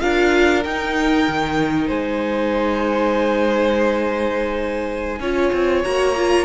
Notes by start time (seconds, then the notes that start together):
0.00 D4 F4 A#4 F5
0.64 D#4 G5
1.28 D#3
1.87 G#3 C5 G#5
5.19 C#4 F4 C#5
5.53 C4
5.83 A#3 F#4 A#5
6.16 F4